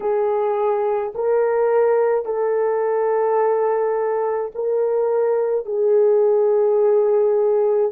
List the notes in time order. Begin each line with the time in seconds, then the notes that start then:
0.00 G#4
1.14 A#4
2.25 A4
4.54 A#4
5.65 G#4